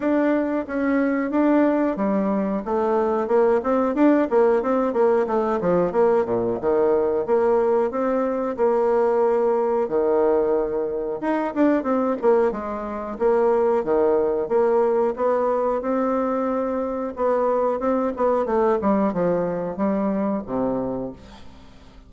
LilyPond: \new Staff \with { instrumentName = "bassoon" } { \time 4/4 \tempo 4 = 91 d'4 cis'4 d'4 g4 | a4 ais8 c'8 d'8 ais8 c'8 ais8 | a8 f8 ais8 ais,8 dis4 ais4 | c'4 ais2 dis4~ |
dis4 dis'8 d'8 c'8 ais8 gis4 | ais4 dis4 ais4 b4 | c'2 b4 c'8 b8 | a8 g8 f4 g4 c4 | }